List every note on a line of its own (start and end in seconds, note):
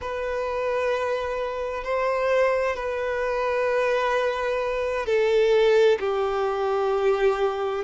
0.01 1.84 B4
1.84 2.76 C5
2.76 5.06 B4
5.06 5.98 A4
5.99 7.84 G4